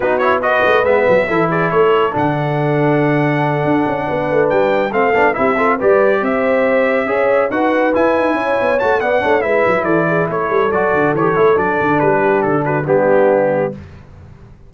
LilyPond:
<<
  \new Staff \with { instrumentName = "trumpet" } { \time 4/4 \tempo 4 = 140 b'8 cis''8 dis''4 e''4. d''8 | cis''4 fis''2.~ | fis''2~ fis''8 g''4 f''8~ | f''8 e''4 d''4 e''4.~ |
e''4. fis''4 gis''4.~ | gis''8 a''8 fis''4 e''4 d''4 | cis''4 d''4 cis''4 d''4 | b'4 a'8 b'8 g'2 | }
  \new Staff \with { instrumentName = "horn" } { \time 4/4 fis'4 b'2 a'8 gis'8 | a'1~ | a'4. b'2 a'8~ | a'8 g'8 a'8 b'4 c''4.~ |
c''8 cis''4 b'2 cis''8~ | cis''4 d''8 cis''8 b'4 a'8 gis'8 | a'1~ | a'8 g'4 fis'8 d'2 | }
  \new Staff \with { instrumentName = "trombone" } { \time 4/4 dis'8 e'8 fis'4 b4 e'4~ | e'4 d'2.~ | d'2.~ d'8 c'8 | d'8 e'8 f'8 g'2~ g'8~ |
g'8 gis'4 fis'4 e'4.~ | e'8 fis'8 b8 d'8 e'2~ | e'4 fis'4 g'8 e'8 d'4~ | d'2 b2 | }
  \new Staff \with { instrumentName = "tuba" } { \time 4/4 b4. a8 gis8 fis8 e4 | a4 d2.~ | d8 d'8 cis'8 b8 a8 g4 a8 | b8 c'4 g4 c'4.~ |
c'8 cis'4 dis'4 e'8 dis'8 cis'8 | b8 a8 b8 a8 gis8 fis8 e4 | a8 g8 fis8 d8 e8 a8 fis8 d8 | g4 d4 g2 | }
>>